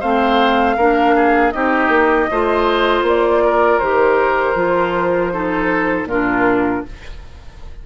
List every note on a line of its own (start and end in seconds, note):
0.00 0.77 A3
0.00 0.77 C4
0.00 0.76 C5
0.00 1.51 F5
0.77 1.53 A#3
0.77 1.53 D4
0.77 1.15 A#4
1.16 1.54 G#4
1.51 1.88 C4
1.51 2.29 D#4
1.51 2.30 G4
1.51 3.03 D#5
1.88 2.26 A#3
2.31 3.02 A3
2.31 3.81 F4
2.31 3.44 C5
3.02 3.78 A#3
3.08 3.79 D5
3.44 5.33 A#4
3.79 4.55 D#3
3.79 4.55 G4
3.79 6.07 C5
4.55 6.05 F3
4.55 5.31 F4
5.32 6.08 D#4
5.32 6.08 A4
6.05 6.81 A#2
6.05 6.86 D4
6.05 6.84 F4
6.05 6.85 A#4